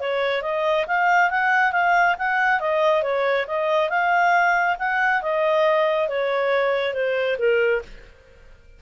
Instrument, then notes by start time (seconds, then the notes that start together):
clarinet
0.00 C#5
0.42 D#5
0.87 F5
1.31 F#5
1.72 F5
2.19 F#5
2.60 D#5
3.03 C#5
3.47 D#5
3.90 F5
4.79 F#5
5.22 D#5
6.09 C#5
6.94 C5
7.39 A#4